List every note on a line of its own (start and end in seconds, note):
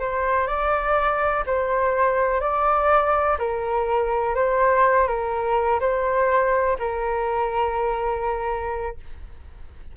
0.00 0.47 C5
0.47 1.44 D5
1.46 2.41 C5
2.41 3.38 D5
3.39 4.35 A#4
4.35 5.08 C5
5.08 5.80 A#4
5.81 6.77 C5
6.79 8.97 A#4